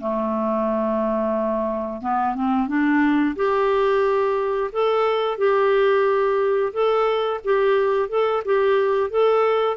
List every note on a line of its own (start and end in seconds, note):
0.00 2.01 A3
2.01 2.35 B3
2.35 2.68 C4
2.68 3.35 D4
3.36 4.71 G4
4.72 5.37 A4
5.37 6.72 G4
6.73 7.40 A4
7.44 8.09 G4
8.09 8.43 A4
8.45 9.10 G4
9.10 9.77 A4